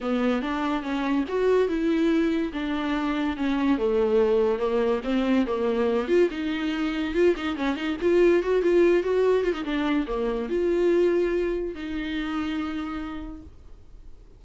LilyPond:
\new Staff \with { instrumentName = "viola" } { \time 4/4 \tempo 4 = 143 b4 d'4 cis'4 fis'4 | e'2 d'2 | cis'4 a2 ais4 | c'4 ais4. f'8 dis'4~ |
dis'4 f'8 dis'8 cis'8 dis'8 f'4 | fis'8 f'4 fis'4 f'16 dis'16 d'4 | ais4 f'2. | dis'1 | }